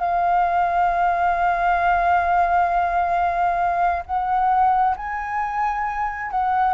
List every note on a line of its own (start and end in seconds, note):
0.00 4.03 F5
4.06 4.96 F#5
4.97 6.31 G#5
6.31 6.74 F#5